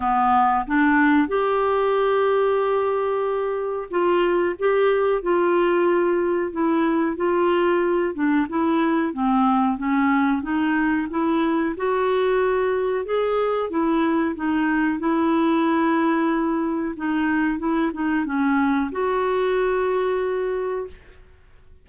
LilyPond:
\new Staff \with { instrumentName = "clarinet" } { \time 4/4 \tempo 4 = 92 b4 d'4 g'2~ | g'2 f'4 g'4 | f'2 e'4 f'4~ | f'8 d'8 e'4 c'4 cis'4 |
dis'4 e'4 fis'2 | gis'4 e'4 dis'4 e'4~ | e'2 dis'4 e'8 dis'8 | cis'4 fis'2. | }